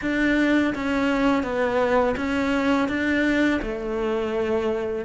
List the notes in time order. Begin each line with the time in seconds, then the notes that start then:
0.01 D4
0.74 C#4
1.43 B3
2.17 C#4
2.88 D4
3.61 A3